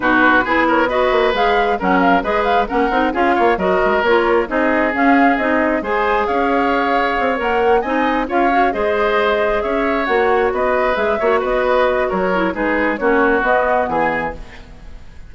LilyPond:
<<
  \new Staff \with { instrumentName = "flute" } { \time 4/4 \tempo 4 = 134 b'4. cis''8 dis''4 f''4 | fis''8 f''8 dis''8 f''8 fis''4 f''4 | dis''4 cis''4 dis''4 f''4 | dis''4 gis''4 f''2~ |
f''8 fis''4 gis''4 f''4 dis''8~ | dis''4. e''4 fis''4 dis''8~ | dis''8 e''4 dis''4. cis''4 | b'4 cis''4 dis''4 gis''4 | }
  \new Staff \with { instrumentName = "oboe" } { \time 4/4 fis'4 gis'8 ais'8 b'2 | ais'4 b'4 ais'4 gis'8 cis''8 | ais'2 gis'2~ | gis'4 c''4 cis''2~ |
cis''4. dis''4 cis''4 c''8~ | c''4. cis''2 b'8~ | b'4 cis''8 b'4. ais'4 | gis'4 fis'2 gis'4 | }
  \new Staff \with { instrumentName = "clarinet" } { \time 4/4 dis'4 e'4 fis'4 gis'4 | cis'4 gis'4 cis'8 dis'8 f'4 | fis'4 f'4 dis'4 cis'4 | dis'4 gis'2.~ |
gis'8 ais'4 dis'4 f'8 fis'8 gis'8~ | gis'2~ gis'8 fis'4.~ | fis'8 gis'8 fis'2~ fis'8 e'8 | dis'4 cis'4 b2 | }
  \new Staff \with { instrumentName = "bassoon" } { \time 4/4 b,4 b4. ais8 gis4 | fis4 gis4 ais8 c'8 cis'8 ais8 | fis8 gis8 ais4 c'4 cis'4 | c'4 gis4 cis'2 |
c'8 ais4 c'4 cis'4 gis8~ | gis4. cis'4 ais4 b8~ | b8 gis8 ais8 b4. fis4 | gis4 ais4 b4 e4 | }
>>